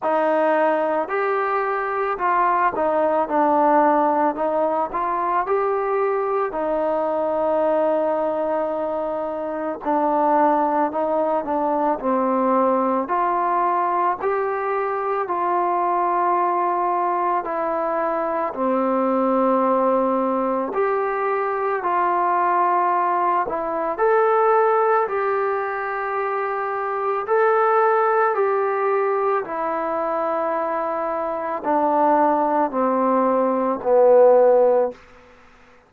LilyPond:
\new Staff \with { instrumentName = "trombone" } { \time 4/4 \tempo 4 = 55 dis'4 g'4 f'8 dis'8 d'4 | dis'8 f'8 g'4 dis'2~ | dis'4 d'4 dis'8 d'8 c'4 | f'4 g'4 f'2 |
e'4 c'2 g'4 | f'4. e'8 a'4 g'4~ | g'4 a'4 g'4 e'4~ | e'4 d'4 c'4 b4 | }